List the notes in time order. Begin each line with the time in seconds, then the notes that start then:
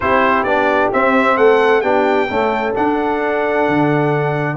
0.00 C4 E4 G4 C5
0.43 B3 D4 D5
0.92 C4 E5
1.36 A3 A4 F#5
1.81 B3 D4 G4 G5
2.28 A3 C#4 A4
2.74 D4 F#5
3.68 D3